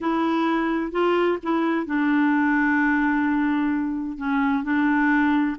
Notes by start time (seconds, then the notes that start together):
0.00 E4
0.91 F4
1.42 E4
1.85 D4
4.17 C#4
4.63 D4